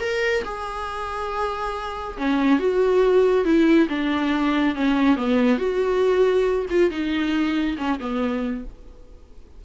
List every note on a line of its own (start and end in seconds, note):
0.00 0.43 A#4
0.44 2.17 G#4
2.17 2.59 C#4
2.59 3.44 F#4
3.44 3.88 E4
3.89 4.75 D4
4.75 5.16 C#4
5.16 5.58 B3
5.58 6.66 F#4
6.70 6.90 F4
6.90 7.76 D#4
7.77 7.99 C#4
7.99 8.64 B3